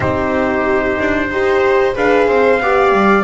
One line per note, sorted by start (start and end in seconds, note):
0.00 0.98 C4
0.00 1.28 D#4
0.00 1.30 G4
0.00 1.96 C5
0.99 1.30 D4
1.30 1.95 D#4
1.30 1.95 G4
1.30 1.95 C5
1.95 2.28 D4
1.95 2.60 G#4
1.95 2.28 B4
1.95 3.24 F5
2.28 2.60 C4
2.28 2.60 C5
2.60 2.92 B3
2.60 3.24 G4
2.60 3.24 D5
2.92 3.24 G3